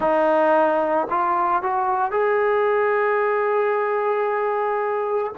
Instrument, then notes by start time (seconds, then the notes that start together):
trombone
0.00 D#4
1.10 F4
1.62 F#4
2.11 G#4